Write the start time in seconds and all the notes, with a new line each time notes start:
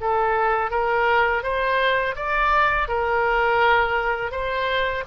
0.00 A4
0.71 A#4
1.43 C5
2.16 D5
2.88 A#4
4.31 C5